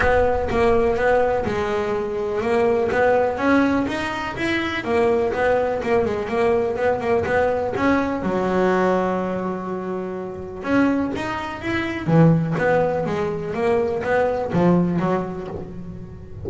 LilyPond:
\new Staff \with { instrumentName = "double bass" } { \time 4/4 \tempo 4 = 124 b4 ais4 b4 gis4~ | gis4 ais4 b4 cis'4 | dis'4 e'4 ais4 b4 | ais8 gis8 ais4 b8 ais8 b4 |
cis'4 fis2.~ | fis2 cis'4 dis'4 | e'4 e4 b4 gis4 | ais4 b4 f4 fis4 | }